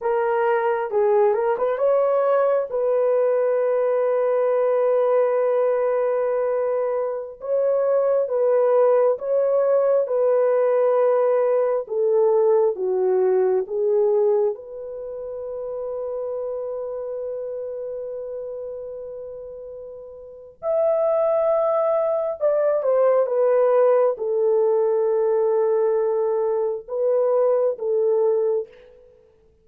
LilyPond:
\new Staff \with { instrumentName = "horn" } { \time 4/4 \tempo 4 = 67 ais'4 gis'8 ais'16 b'16 cis''4 b'4~ | b'1~ | b'16 cis''4 b'4 cis''4 b'8.~ | b'4~ b'16 a'4 fis'4 gis'8.~ |
gis'16 b'2.~ b'8.~ | b'2. e''4~ | e''4 d''8 c''8 b'4 a'4~ | a'2 b'4 a'4 | }